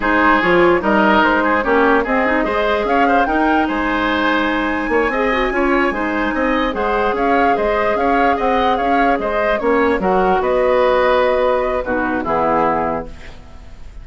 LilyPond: <<
  \new Staff \with { instrumentName = "flute" } { \time 4/4 \tempo 4 = 147 c''4 cis''4 dis''4 c''4 | cis''4 dis''2 f''4 | g''4 gis''2.~ | gis''1~ |
gis''8 fis''4 f''4 dis''4 f''8~ | f''8 fis''4 f''4 dis''4 cis''8~ | cis''8 fis''4 dis''2~ dis''8~ | dis''4 b'4 gis'2 | }
  \new Staff \with { instrumentName = "oboe" } { \time 4/4 gis'2 ais'4. gis'8 | g'4 gis'4 c''4 cis''8 c''8 | ais'4 c''2. | cis''8 dis''4 cis''4 c''4 dis''8~ |
dis''8 c''4 cis''4 c''4 cis''8~ | cis''8 dis''4 cis''4 c''4 cis''8~ | cis''8 ais'4 b'2~ b'8~ | b'4 fis'4 e'2 | }
  \new Staff \with { instrumentName = "clarinet" } { \time 4/4 dis'4 f'4 dis'2 | cis'4 c'8 dis'8 gis'2 | dis'1~ | dis'8 gis'8 fis'8 f'4 dis'4.~ |
dis'8 gis'2.~ gis'8~ | gis'2.~ gis'8 cis'8~ | cis'8 fis'2.~ fis'8~ | fis'4 dis'4 b2 | }
  \new Staff \with { instrumentName = "bassoon" } { \time 4/4 gis4 f4 g4 gis4 | ais4 c'4 gis4 cis'4 | dis'4 gis2. | ais8 c'4 cis'4 gis4 c'8~ |
c'8 gis4 cis'4 gis4 cis'8~ | cis'8 c'4 cis'4 gis4 ais8~ | ais8 fis4 b2~ b8~ | b4 b,4 e2 | }
>>